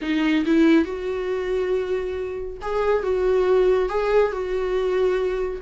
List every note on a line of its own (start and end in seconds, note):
0.01 0.44 D#4
0.45 0.85 E4
0.85 2.57 F#4
2.61 3.03 G#4
3.03 3.89 F#4
3.89 4.31 G#4
4.31 5.61 F#4